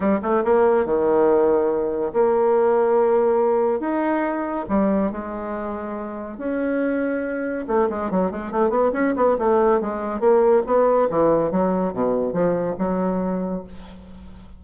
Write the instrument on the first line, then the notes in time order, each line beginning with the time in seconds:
bassoon
0.00 G3
0.22 A3
0.44 A#3
0.85 D#3
2.13 A#3
3.80 D#4
4.68 G3
5.11 G#3
6.37 C#4
7.67 A3
7.89 G#3
8.11 F#3
8.31 G#3
8.51 A3
8.69 B3
8.93 C#4
9.15 B3
9.38 A3
9.80 G#3
10.20 A#3
10.66 B3
11.10 E3
11.51 F#3
11.93 B2
12.33 F3
12.78 F#3